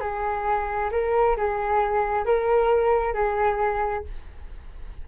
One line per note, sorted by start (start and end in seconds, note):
0.00 0.90 G#4
0.91 1.37 A#4
1.37 2.25 G#4
2.25 3.14 A#4
3.14 4.04 G#4